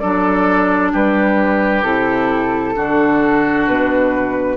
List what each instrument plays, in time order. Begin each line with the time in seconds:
0.00 bassoon F#3, clarinet D4, oboe A4, flute D5
0.93 bassoon G3, oboe G4, flute B4
1.84 bassoon C3, clarinet E4, flute A4
2.76 bassoon D3, clarinet D4, oboe F#4
3.68 bassoon B2, flute B4